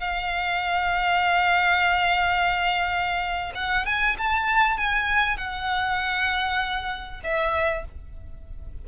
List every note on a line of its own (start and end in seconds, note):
0.00 3.52 F5
3.55 3.85 F#5
3.85 4.16 G#5
4.18 4.77 A5
4.77 5.37 G#5
5.37 7.21 F#5
7.24 7.85 E5